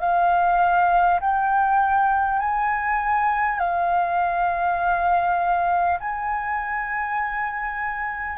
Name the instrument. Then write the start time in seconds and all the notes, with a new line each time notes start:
flute
0.00 F5
1.21 G5
2.39 G#5
3.59 F5
6.01 G#5